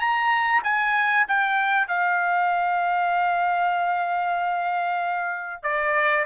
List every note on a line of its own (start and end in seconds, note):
0.00 0.62 A#5
0.64 1.26 G#5
1.28 1.88 G5
1.88 5.63 F5
5.63 6.25 D5